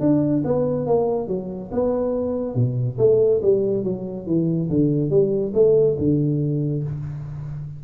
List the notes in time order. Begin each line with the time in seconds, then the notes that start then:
0.00 D4
0.44 B3
0.86 A#3
1.28 F#3
1.72 B3
2.55 B2
2.98 A3
3.42 G3
3.84 F#3
4.27 E3
4.70 D3
5.10 G3
5.54 A3
5.98 D3